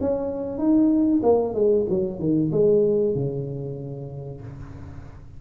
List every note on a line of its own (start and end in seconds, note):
0.00 0.58 C#4
0.58 1.21 D#4
1.23 1.54 A#3
1.54 1.86 G#3
1.89 2.19 F#3
2.19 2.51 D#3
2.51 3.14 G#3
3.14 4.41 C#3